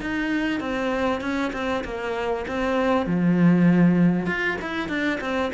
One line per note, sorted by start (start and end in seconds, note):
0.00 0.60 D#4
0.60 1.21 C4
1.21 1.51 C#4
1.53 1.83 C4
1.84 2.45 A#3
2.47 3.06 C4
3.06 4.26 F3
4.26 4.57 F4
4.61 4.88 E4
4.88 5.19 D4
5.20 5.51 C4